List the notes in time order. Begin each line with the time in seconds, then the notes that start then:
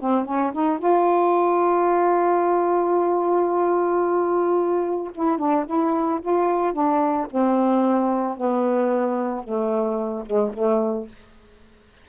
0.00 C4
0.25 C#4
0.53 D#4
0.79 F4
5.15 E4
5.38 D4
5.67 E4
6.22 F4
6.73 D4
7.31 C4
8.37 B3
9.44 A3
10.26 G#3
10.54 A3